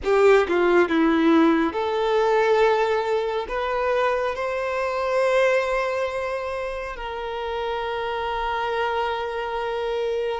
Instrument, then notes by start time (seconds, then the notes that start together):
violin
0.04 G4
0.48 F4
0.88 E4
1.72 A4
3.48 B4
4.35 C5
6.96 A#4